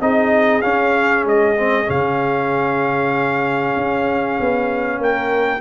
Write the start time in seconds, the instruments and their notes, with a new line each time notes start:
0.00 tuba C4, trombone D#4, horn G#4, trumpet D#5
0.61 trombone C#4, tuba C#4, trumpet F5
1.24 tuba G#3, trumpet D#5
1.56 trombone C4
1.84 tuba C#3, trombone C#4, trumpet F5
3.76 tuba C#4
4.40 tuba B3
4.98 tuba A#3, horn A#4, trumpet G5